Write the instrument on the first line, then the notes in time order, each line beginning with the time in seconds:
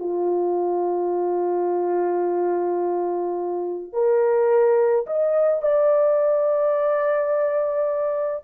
horn
0.00 F4
3.93 A#4
5.07 D#5
5.62 D5